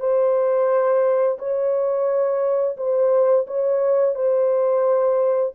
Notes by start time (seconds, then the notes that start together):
0.00 C5
1.39 C#5
2.77 C5
3.48 C#5
4.15 C5